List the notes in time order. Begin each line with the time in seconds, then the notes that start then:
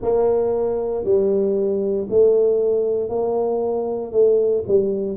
0.01 A#3
1.04 G3
2.09 A3
3.09 A#3
4.11 A3
4.67 G3